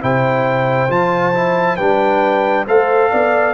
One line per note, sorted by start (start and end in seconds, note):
0.00 0.89 C3
0.00 0.88 E4
0.00 1.76 C5
0.00 0.91 G5
0.88 1.77 F3
0.88 1.33 F4
0.88 1.76 A5
1.33 1.78 E4
1.76 2.66 G3
1.76 2.67 D4
1.76 2.64 B4
1.76 2.64 G5
2.66 3.11 A3
2.66 3.53 A4
2.66 3.10 C5
2.66 3.53 F5
3.11 3.53 B3
3.11 3.53 D5